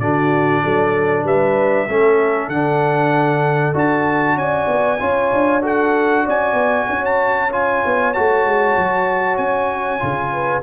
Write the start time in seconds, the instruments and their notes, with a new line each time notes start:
0.00 tuba D3, trombone D4, horn F#4, trumpet D5
0.63 tuba F#3, horn A4
1.24 tuba G3, horn B4, trumpet E5
1.87 tuba A3, trombone C#4, horn A4
2.48 tuba D3, trombone D4, trumpet F#5
3.74 tuba D4, trombone F#4, trumpet A5
4.35 tuba C#4, horn D5, trumpet G#5
4.68 tuba B3
5.00 tuba C#4, trombone F4, horn C#5
5.33 tuba D4
5.62 trombone F#4, horn A4, trumpet F#5
6.25 tuba C#4, horn D5, trumpet G#5
6.54 tuba B3
6.88 tuba C#4, horn C#5
7.05 trumpet A5
7.52 trombone F4, trumpet G#5
7.86 tuba B3
8.14 tuba A3, trombone F#4, trumpet A5
8.45 tuba G#3
8.78 tuba F#3
9.37 tuba C#4, trumpet G#5
10.00 tuba C#3, trombone F4
10.33 horn B4